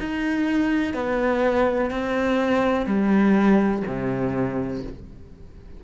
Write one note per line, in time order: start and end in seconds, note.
0.00 0.94 D#4
0.94 1.90 B3
1.90 2.86 C4
2.86 3.83 G3
3.87 4.83 C3